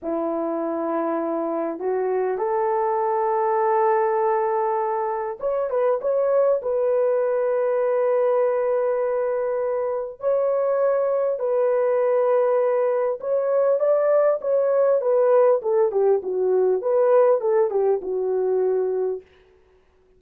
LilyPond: \new Staff \with { instrumentName = "horn" } { \time 4/4 \tempo 4 = 100 e'2. fis'4 | a'1~ | a'4 cis''8 b'8 cis''4 b'4~ | b'1~ |
b'4 cis''2 b'4~ | b'2 cis''4 d''4 | cis''4 b'4 a'8 g'8 fis'4 | b'4 a'8 g'8 fis'2 | }